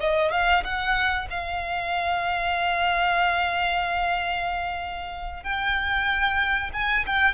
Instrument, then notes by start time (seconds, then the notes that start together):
violin
0.00 D#5
0.31 F5
0.64 F#5
1.30 F5
5.43 G5
6.73 G#5
7.06 G5